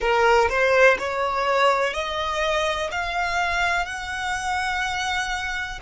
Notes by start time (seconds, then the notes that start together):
0.00 A#4
0.49 C5
0.99 C#5
1.94 D#5
2.91 F5
3.85 F#5